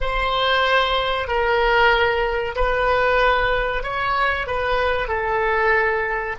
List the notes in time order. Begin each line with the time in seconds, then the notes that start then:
0.00 C5
1.27 A#4
2.55 B4
3.83 C#5
4.47 B4
5.07 A4